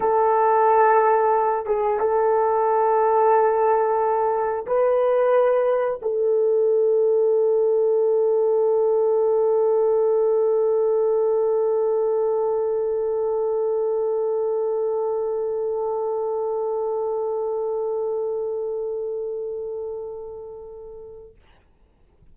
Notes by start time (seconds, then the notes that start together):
0.00 A4
1.66 G#4
1.99 A4
4.66 B4
6.02 A4